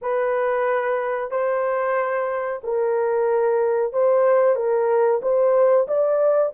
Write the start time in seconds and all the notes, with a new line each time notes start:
0.01 B4
1.30 C5
2.63 A#4
3.92 C5
4.55 A#4
5.21 C5
5.87 D5